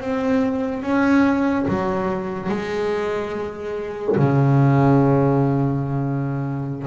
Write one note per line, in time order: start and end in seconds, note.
0.00 0.82 C4
0.82 1.65 C#4
1.68 2.49 F#3
2.49 4.16 G#3
4.16 6.87 C#3